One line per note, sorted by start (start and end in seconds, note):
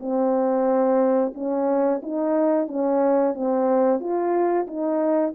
0.00 1.33 C4
1.35 2.01 C#4
2.02 2.68 D#4
2.68 3.34 C#4
3.34 4.00 C4
4.00 4.67 F4
4.67 5.34 D#4